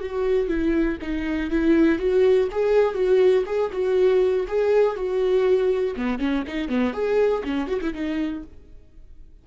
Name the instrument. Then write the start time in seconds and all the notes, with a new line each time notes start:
viola
0.00 F#4
0.48 E4
1.02 D#4
1.51 E4
1.99 F#4
2.52 G#4
2.95 F#4
3.46 G#4
3.72 F#4
4.48 G#4
4.96 F#4
5.96 B3
6.19 C#4
6.47 D#4
6.69 B3
6.93 G#4
7.44 C#4
7.67 F#4
7.81 E4
7.94 D#4